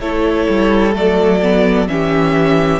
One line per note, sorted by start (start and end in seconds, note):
0.00 0.47 A3
0.00 0.93 E4
0.00 1.88 A4
0.00 0.94 C#5
0.49 0.95 G3
0.93 1.88 F#3
0.93 1.40 A3
0.93 1.88 D5
1.42 1.88 B3
1.88 2.80 E3
1.88 2.80 C#4
1.88 2.80 G4
1.88 2.80 E5